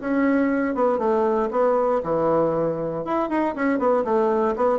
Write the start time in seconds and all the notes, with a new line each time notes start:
0.00 C#4
0.75 B3
0.98 A3
1.50 B3
2.03 E3
3.04 E4
3.29 D#4
3.55 C#4
3.78 B3
4.04 A3
4.56 B3